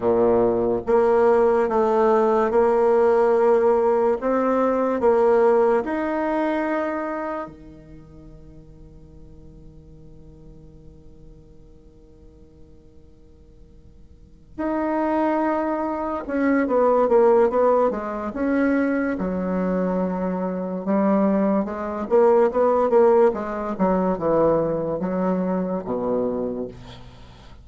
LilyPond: \new Staff \with { instrumentName = "bassoon" } { \time 4/4 \tempo 4 = 72 ais,4 ais4 a4 ais4~ | ais4 c'4 ais4 dis'4~ | dis'4 dis2.~ | dis1~ |
dis4. dis'2 cis'8 | b8 ais8 b8 gis8 cis'4 fis4~ | fis4 g4 gis8 ais8 b8 ais8 | gis8 fis8 e4 fis4 b,4 | }